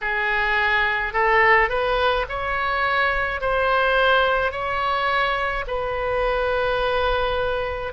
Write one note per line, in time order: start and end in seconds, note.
0.01 1.13 G#4
1.13 1.69 A4
1.69 2.25 B4
2.28 3.41 C#5
3.41 4.51 C5
4.51 5.64 C#5
5.67 7.92 B4